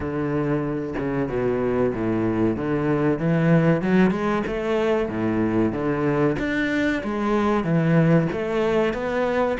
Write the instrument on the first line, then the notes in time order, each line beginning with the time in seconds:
cello
0.00 D3
0.98 C#3
1.28 B2
1.93 A2
2.56 D3
3.18 E3
3.81 F#3
4.11 G#3
4.47 A3
5.09 A2
5.72 D3
6.38 D4
7.03 G#3
7.63 E3
8.32 A3
8.93 B3